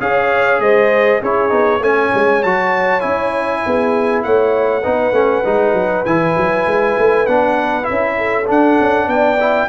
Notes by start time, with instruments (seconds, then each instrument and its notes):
0.00 tuba C#4, trombone G#4, horn C#5, trumpet F5
0.60 tuba G#3, horn C5, trumpet D#5
1.20 tuba C#4, trombone E4, horn G#4, trumpet C#5
1.49 tuba B3, trombone D#4
1.80 tuba A3, trombone C#4, horn C#5, trumpet G#5
2.15 tuba G#3
2.43 tuba F#3, trombone F#4, trumpet A5
3.01 tuba C#4, trombone E4, trumpet G#5
3.66 tuba B3, horn G#4
4.23 tuba A3, horn C#5, trumpet F#5
4.82 tuba B3, trombone D#4, horn B4
5.12 tuba A3, trombone C#4
5.45 tuba G#3, trombone D#4
5.73 tuba F#3
6.05 tuba E3, trombone E4, trumpet G#5
6.37 tuba F#3
6.67 tuba G#3
6.98 tuba A3
7.27 tuba B3, trombone D4, trumpet F#5
7.83 trombone E4, trumpet E5
7.90 tuba C#4
8.17 horn A4
8.47 trombone D4, tuba D4, trumpet F#5
8.80 tuba C#4
9.07 tuba B3, horn D5, trumpet G5
9.40 trombone E4